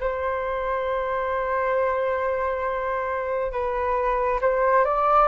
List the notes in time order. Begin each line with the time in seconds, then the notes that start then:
0.00 C5
3.52 B4
4.41 C5
4.84 D5